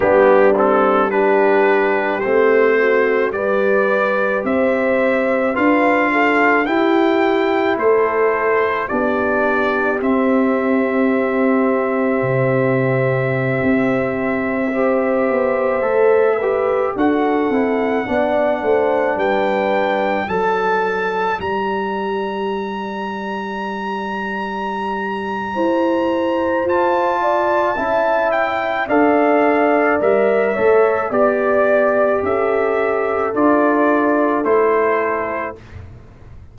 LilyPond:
<<
  \new Staff \with { instrumentName = "trumpet" } { \time 4/4 \tempo 4 = 54 g'8 a'8 b'4 c''4 d''4 | e''4 f''4 g''4 c''4 | d''4 e''2.~ | e''2.~ e''16 fis''8.~ |
fis''4~ fis''16 g''4 a''4 ais''8.~ | ais''1 | a''4. g''8 f''4 e''4 | d''4 e''4 d''4 c''4 | }
  \new Staff \with { instrumentName = "horn" } { \time 4/4 d'4 g'4. fis'8 b'4 | c''4 b'8 a'8 g'4 a'4 | g'1~ | g'4~ g'16 c''4. b'8 a'8.~ |
a'16 d''8 c''8 b'4 d''4.~ d''16~ | d''2. c''4~ | c''8 d''8 e''4 d''4. cis''8 | d''4 a'2. | }
  \new Staff \with { instrumentName = "trombone" } { \time 4/4 b8 c'8 d'4 c'4 g'4~ | g'4 f'4 e'2 | d'4 c'2.~ | c'4~ c'16 g'4 a'8 g'8 fis'8 e'16~ |
e'16 d'2 a'4 g'8.~ | g'1 | f'4 e'4 a'4 ais'8 a'8 | g'2 f'4 e'4 | }
  \new Staff \with { instrumentName = "tuba" } { \time 4/4 g2 a4 g4 | c'4 d'4 e'4 a4 | b4 c'2 c4~ | c16 c'4. b8 a4 d'8 c'16~ |
c'16 b8 a8 g4 fis4 g8.~ | g2. e'4 | f'4 cis'4 d'4 g8 a8 | b4 cis'4 d'4 a4 | }
>>